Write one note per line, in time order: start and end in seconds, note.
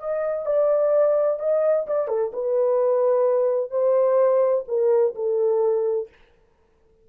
0.00 0.46 D#5
0.46 1.40 D5
1.40 1.87 D#5
1.87 2.08 D5
2.08 2.32 A4
2.33 3.71 B4
3.71 4.65 C5
4.68 5.15 A#4
5.15 6.09 A4